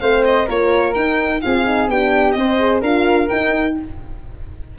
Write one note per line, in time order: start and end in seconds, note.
0.00 0.47 A3
0.00 0.48 C4
0.00 0.46 C5
0.00 0.23 F5
0.24 0.48 D#5
0.46 0.95 A#3
0.46 0.93 F4
0.46 1.39 A#4
0.46 0.94 C#5
0.93 1.40 D#4
0.93 1.42 D#4
0.93 1.40 G5
1.41 1.88 C4
1.41 1.65 F4
1.41 1.90 G#4
1.41 1.88 F5
1.65 1.88 D#4
1.88 2.34 B3
1.88 2.36 D4
1.88 2.37 G4
1.88 2.31 G5
2.31 2.81 C4
2.31 2.58 C4
2.31 2.78 D#5
2.38 2.80 C5
2.58 2.82 G#4
2.80 3.28 D4
2.80 3.29 F4
2.80 3.74 A#4
2.80 3.28 F5
3.28 3.76 D#4
3.28 3.78 D#4
3.28 3.75 G5